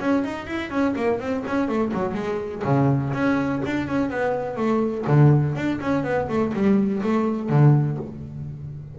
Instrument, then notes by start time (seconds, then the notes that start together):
double bass
0.00 C#4
0.24 D#4
0.47 E4
0.70 C#4
0.96 A#3
1.20 C4
1.47 C#4
1.68 A3
1.94 F#3
2.14 G#3
2.64 C#3
3.14 C#4
3.66 D4
3.88 C#4
4.10 B3
4.57 A3
5.07 D3
5.56 D4
5.81 C#4
6.04 B3
6.29 A3
6.54 G3
7.03 A3
7.50 D3